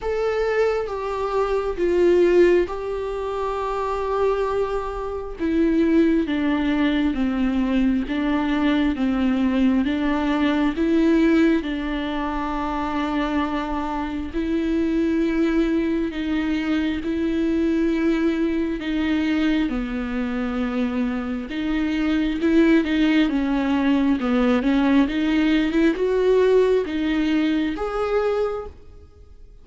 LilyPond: \new Staff \with { instrumentName = "viola" } { \time 4/4 \tempo 4 = 67 a'4 g'4 f'4 g'4~ | g'2 e'4 d'4 | c'4 d'4 c'4 d'4 | e'4 d'2. |
e'2 dis'4 e'4~ | e'4 dis'4 b2 | dis'4 e'8 dis'8 cis'4 b8 cis'8 | dis'8. e'16 fis'4 dis'4 gis'4 | }